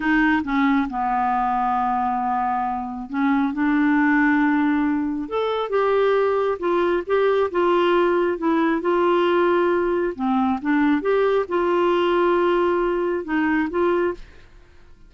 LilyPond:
\new Staff \with { instrumentName = "clarinet" } { \time 4/4 \tempo 4 = 136 dis'4 cis'4 b2~ | b2. cis'4 | d'1 | a'4 g'2 f'4 |
g'4 f'2 e'4 | f'2. c'4 | d'4 g'4 f'2~ | f'2 dis'4 f'4 | }